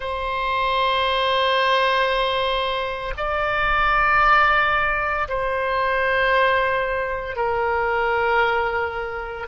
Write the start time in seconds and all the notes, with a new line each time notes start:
0.00 C5
3.17 D5
5.28 C5
7.36 A#4